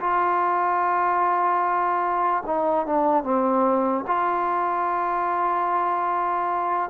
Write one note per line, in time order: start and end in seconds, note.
0.00 2.43 F4
2.46 2.86 D#4
2.86 3.23 D4
3.23 4.04 C4
4.07 6.90 F4